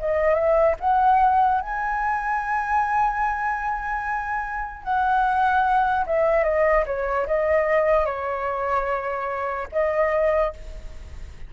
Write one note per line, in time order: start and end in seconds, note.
0.00 0.35 D#5
0.35 0.76 E5
0.80 1.61 F#5
1.61 4.84 G#5
4.84 6.06 F#5
6.07 6.44 E5
6.44 6.85 D#5
6.87 7.27 C#5
7.27 8.06 D#5
8.06 9.68 C#5
9.73 10.54 D#5